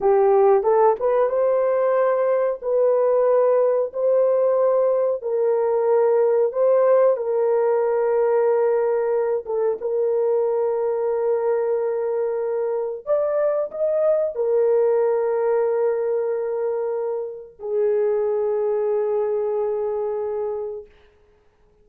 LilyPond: \new Staff \with { instrumentName = "horn" } { \time 4/4 \tempo 4 = 92 g'4 a'8 b'8 c''2 | b'2 c''2 | ais'2 c''4 ais'4~ | ais'2~ ais'8 a'8 ais'4~ |
ais'1 | d''4 dis''4 ais'2~ | ais'2. gis'4~ | gis'1 | }